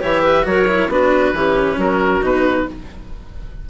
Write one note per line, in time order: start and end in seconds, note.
0.00 0.45 E3
0.00 0.43 G4
0.00 0.22 C#5
0.00 0.46 E5
0.23 0.45 B4
0.43 0.88 F#3
0.43 0.65 F#4
0.43 0.90 A#4
0.43 0.91 C#5
0.68 0.90 E4
0.88 1.33 B3
0.88 1.35 D4
0.88 1.34 F#4
0.88 1.80 B4
1.33 1.77 E3
1.33 2.21 C#4
1.33 1.77 G4
1.77 2.21 F#3
1.77 2.66 F#4
1.77 2.25 A#4
2.21 2.66 B2
2.21 2.66 D#4
2.21 2.69 B4